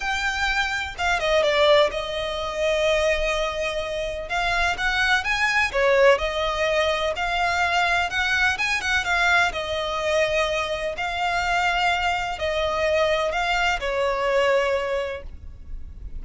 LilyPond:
\new Staff \with { instrumentName = "violin" } { \time 4/4 \tempo 4 = 126 g''2 f''8 dis''8 d''4 | dis''1~ | dis''4 f''4 fis''4 gis''4 | cis''4 dis''2 f''4~ |
f''4 fis''4 gis''8 fis''8 f''4 | dis''2. f''4~ | f''2 dis''2 | f''4 cis''2. | }